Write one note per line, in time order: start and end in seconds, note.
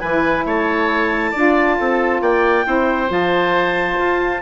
0.00 0.45 E3
0.00 1.34 E4
0.00 0.44 B4
0.00 0.44 G#5
0.45 1.33 A3
0.45 1.31 C#5
0.45 2.22 A5
1.31 1.79 D4
1.31 2.64 F4
1.31 1.75 D5
1.79 2.21 C4
1.79 2.21 A4
2.21 2.65 A#3
2.21 2.65 D5
2.21 3.10 G5
2.64 3.10 C4
2.64 3.07 E4
2.64 4.42 C5
3.07 3.98 F3
3.07 4.39 F4
3.07 4.42 A5
3.98 4.42 F4